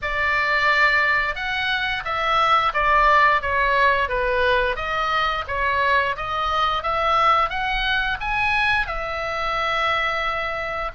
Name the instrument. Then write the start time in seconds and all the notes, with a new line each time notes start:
oboe
0.02 D5
1.35 F#5
2.04 E5
2.73 D5
3.41 C#5
4.08 B4
4.76 D#5
5.47 C#5
6.16 D#5
6.82 E5
7.49 F#5
8.20 G#5
8.86 E5